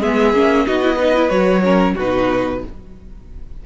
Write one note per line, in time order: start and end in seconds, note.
0.00 0.34 G#3
0.00 0.35 B3
0.00 0.65 G#4
0.00 0.67 E5
0.34 0.66 A#3
0.34 0.67 C#4
0.67 1.30 B3
0.67 0.82 D#4
0.67 0.96 F#4
0.67 1.30 D#5
0.82 0.99 E4
0.96 1.15 D#4
0.96 1.61 B4
1.15 1.30 E4
1.30 1.95 F#3
1.30 1.63 F#4
1.30 1.95 C#5
1.63 1.96 C#4
1.63 1.95 A#4
1.95 2.64 B2
1.95 2.66 D#4
1.95 2.60 F#4
1.95 2.65 B4